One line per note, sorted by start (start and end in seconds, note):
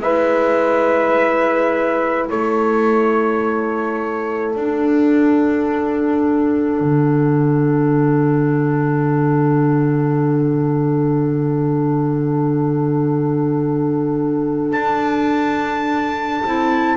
0.00 2.26 G#3
0.00 4.54 E4
0.00 2.29 B4
0.00 2.28 E5
2.29 4.56 A3
2.29 16.97 A4
2.29 4.55 C#5
4.55 6.80 D4
4.55 16.47 D4
4.55 14.72 F#5
6.80 14.73 D3
14.72 16.43 D4
14.72 16.97 A5
16.44 16.97 C4
16.44 16.97 E4